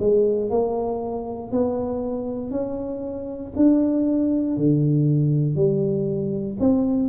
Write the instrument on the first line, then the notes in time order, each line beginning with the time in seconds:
tuba
0.00 G#3
0.50 A#3
1.52 B3
2.51 C#4
3.56 D4
4.57 D3
5.56 G3
6.60 C4